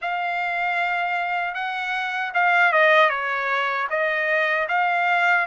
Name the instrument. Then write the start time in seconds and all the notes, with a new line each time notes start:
trumpet
0.01 F5
1.54 F#5
2.34 F5
2.72 D#5
3.09 C#5
3.90 D#5
4.68 F5